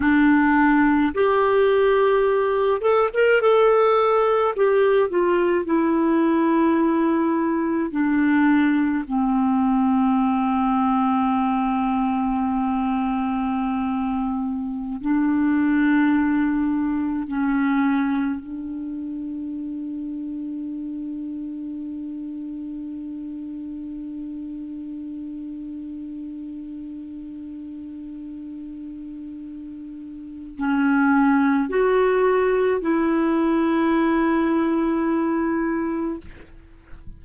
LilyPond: \new Staff \with { instrumentName = "clarinet" } { \time 4/4 \tempo 4 = 53 d'4 g'4. a'16 ais'16 a'4 | g'8 f'8 e'2 d'4 | c'1~ | c'4~ c'16 d'2 cis'8.~ |
cis'16 d'2.~ d'8.~ | d'1~ | d'2. cis'4 | fis'4 e'2. | }